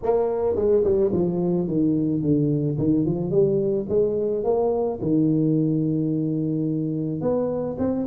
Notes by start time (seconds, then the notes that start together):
0.03 A#3
0.55 G#3
0.84 G3
1.12 F3
1.67 D#3
2.21 D3
2.78 D#3
3.05 F3
3.31 G3
3.88 G#3
4.44 A#3
5.01 D#3
7.21 B3
7.78 C4